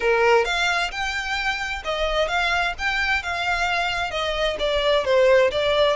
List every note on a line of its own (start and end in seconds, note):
0.00 0.45 A#4
0.45 0.90 F5
0.91 1.83 G5
1.84 2.28 D#5
2.28 2.73 F5
2.78 3.22 G5
3.22 4.11 F5
4.11 4.56 D#5
4.59 5.05 D5
5.05 5.50 C5
5.51 5.96 D5